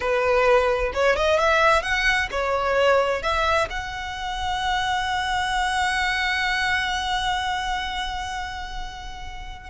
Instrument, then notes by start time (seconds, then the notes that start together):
violin
0.00 B4
0.93 C#5
1.16 D#5
1.39 E5
1.82 F#5
2.31 C#5
3.22 E5
3.69 F#5